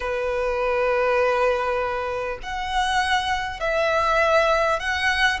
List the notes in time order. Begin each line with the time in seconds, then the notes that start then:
0.00 B4
2.43 F#5
3.60 E5
4.79 F#5